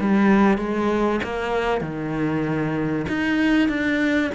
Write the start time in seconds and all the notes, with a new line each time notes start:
0.00 G3
0.58 G#3
1.23 A#3
1.81 D#3
3.08 D#4
3.68 D4